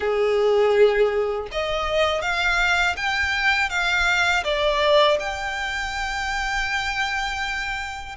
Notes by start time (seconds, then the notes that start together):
0.00 G#4
1.51 D#5
2.21 F5
2.96 G5
3.69 F5
4.44 D5
5.19 G5